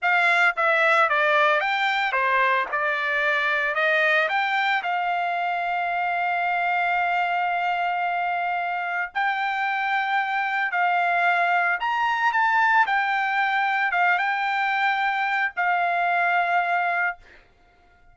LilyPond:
\new Staff \with { instrumentName = "trumpet" } { \time 4/4 \tempo 4 = 112 f''4 e''4 d''4 g''4 | c''4 d''2 dis''4 | g''4 f''2.~ | f''1~ |
f''4 g''2. | f''2 ais''4 a''4 | g''2 f''8 g''4.~ | g''4 f''2. | }